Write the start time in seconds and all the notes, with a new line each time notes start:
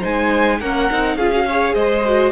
0.00 G#3 D#4 C5 G#5
0.60 A#3 C#4 A#4 F#5
0.91 C4 D#4
1.16 C#4 F4 G#4 F5
1.32 F#4
1.47 G#4 C#5
1.74 G#3 C5 D#5
2.05 F#4